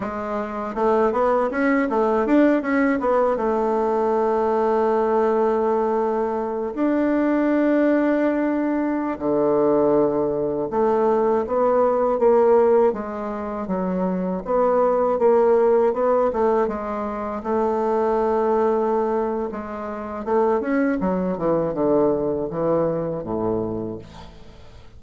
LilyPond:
\new Staff \with { instrumentName = "bassoon" } { \time 4/4 \tempo 4 = 80 gis4 a8 b8 cis'8 a8 d'8 cis'8 | b8 a2.~ a8~ | a4 d'2.~ | d'16 d2 a4 b8.~ |
b16 ais4 gis4 fis4 b8.~ | b16 ais4 b8 a8 gis4 a8.~ | a2 gis4 a8 cis'8 | fis8 e8 d4 e4 a,4 | }